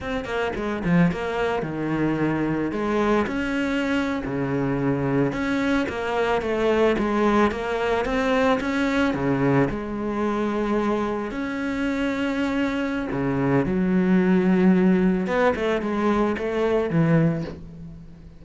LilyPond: \new Staff \with { instrumentName = "cello" } { \time 4/4 \tempo 4 = 110 c'8 ais8 gis8 f8 ais4 dis4~ | dis4 gis4 cis'4.~ cis'16 cis16~ | cis4.~ cis16 cis'4 ais4 a16~ | a8. gis4 ais4 c'4 cis'16~ |
cis'8. cis4 gis2~ gis16~ | gis8. cis'2.~ cis'16 | cis4 fis2. | b8 a8 gis4 a4 e4 | }